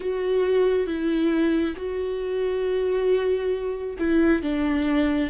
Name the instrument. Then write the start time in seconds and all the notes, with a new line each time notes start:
viola
0.00 F#4
0.86 E4
1.76 F#4
3.98 E4
4.42 D4